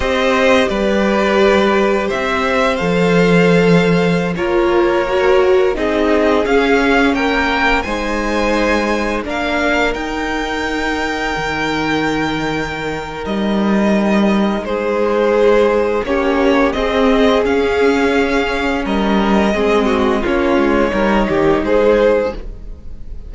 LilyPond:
<<
  \new Staff \with { instrumentName = "violin" } { \time 4/4 \tempo 4 = 86 dis''4 d''2 e''4 | f''2~ f''16 cis''4.~ cis''16~ | cis''16 dis''4 f''4 g''4 gis''8.~ | gis''4~ gis''16 f''4 g''4.~ g''16~ |
g''2. dis''4~ | dis''4 c''2 cis''4 | dis''4 f''2 dis''4~ | dis''4 cis''2 c''4 | }
  \new Staff \with { instrumentName = "violin" } { \time 4/4 c''4 b'2 c''4~ | c''2~ c''16 ais'4.~ ais'16~ | ais'16 gis'2 ais'4 c''8.~ | c''4~ c''16 ais'2~ ais'8.~ |
ais'1~ | ais'4 gis'2 g'4 | gis'2. ais'4 | gis'8 fis'8 f'4 ais'8 g'8 gis'4 | }
  \new Staff \with { instrumentName = "viola" } { \time 4/4 g'1 | a'2~ a'16 f'4 fis'8.~ | fis'16 dis'4 cis'2 dis'8.~ | dis'4~ dis'16 d'4 dis'4.~ dis'16~ |
dis'1~ | dis'2. cis'4 | c'4 cis'2. | c'4 cis'4 dis'2 | }
  \new Staff \with { instrumentName = "cello" } { \time 4/4 c'4 g2 c'4 | f2~ f16 ais4.~ ais16~ | ais16 c'4 cis'4 ais4 gis8.~ | gis4~ gis16 ais4 dis'4.~ dis'16~ |
dis'16 dis2~ dis8. g4~ | g4 gis2 ais4 | c'4 cis'2 g4 | gis4 ais8 gis8 g8 dis8 gis4 | }
>>